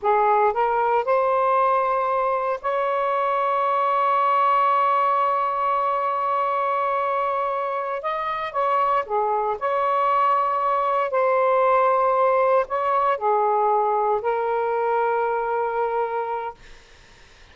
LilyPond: \new Staff \with { instrumentName = "saxophone" } { \time 4/4 \tempo 4 = 116 gis'4 ais'4 c''2~ | c''4 cis''2.~ | cis''1~ | cis''2.~ cis''8 dis''8~ |
dis''8 cis''4 gis'4 cis''4.~ | cis''4. c''2~ c''8~ | c''8 cis''4 gis'2 ais'8~ | ais'1 | }